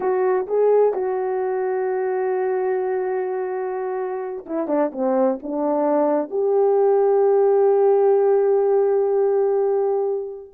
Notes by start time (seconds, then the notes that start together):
0.00 F#4
0.46 G#4
0.93 F#4
4.46 E4
4.67 D4
4.92 C4
5.42 D4
6.30 G4